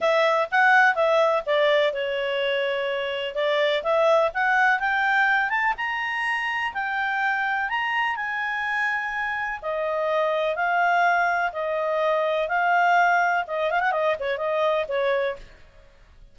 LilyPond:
\new Staff \with { instrumentName = "clarinet" } { \time 4/4 \tempo 4 = 125 e''4 fis''4 e''4 d''4 | cis''2. d''4 | e''4 fis''4 g''4. a''8 | ais''2 g''2 |
ais''4 gis''2. | dis''2 f''2 | dis''2 f''2 | dis''8 f''16 fis''16 dis''8 cis''8 dis''4 cis''4 | }